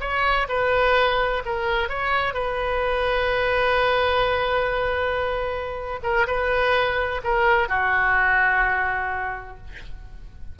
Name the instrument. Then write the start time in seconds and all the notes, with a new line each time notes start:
oboe
0.00 C#5
0.48 B4
1.45 A#4
1.89 C#5
2.33 B4
6.03 A#4
6.27 B4
7.24 A#4
7.68 F#4